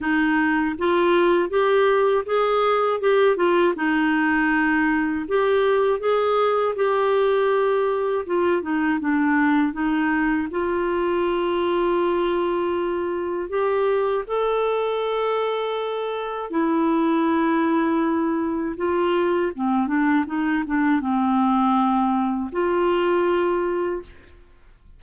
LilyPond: \new Staff \with { instrumentName = "clarinet" } { \time 4/4 \tempo 4 = 80 dis'4 f'4 g'4 gis'4 | g'8 f'8 dis'2 g'4 | gis'4 g'2 f'8 dis'8 | d'4 dis'4 f'2~ |
f'2 g'4 a'4~ | a'2 e'2~ | e'4 f'4 c'8 d'8 dis'8 d'8 | c'2 f'2 | }